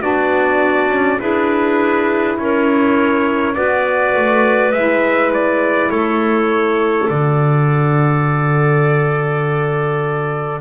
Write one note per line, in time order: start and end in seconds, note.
0.00 0.88 B3
0.00 1.18 D4
0.00 1.19 F#4
0.00 1.19 D5
0.88 1.18 C#4
1.18 2.38 D4
1.18 3.53 E4
1.18 2.37 G#4
1.18 2.37 B4
2.38 3.56 C#4
2.38 3.55 A#4
2.38 3.54 C#5
3.54 4.16 B3
3.54 4.71 F#4
3.54 5.90 B4
3.54 4.72 D5
4.16 4.73 A3
4.72 5.90 G#3
4.72 7.08 E4
4.72 5.31 E5
5.33 5.90 D5
5.90 7.08 A3
5.90 10.60 A4
5.90 7.08 C#5
7.08 10.60 D3
7.08 10.60 F#4
7.08 10.60 D5